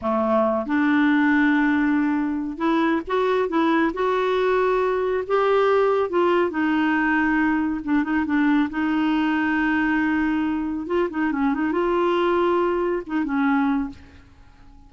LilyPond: \new Staff \with { instrumentName = "clarinet" } { \time 4/4 \tempo 4 = 138 a4. d'2~ d'8~ | d'2 e'4 fis'4 | e'4 fis'2. | g'2 f'4 dis'4~ |
dis'2 d'8 dis'8 d'4 | dis'1~ | dis'4 f'8 dis'8 cis'8 dis'8 f'4~ | f'2 dis'8 cis'4. | }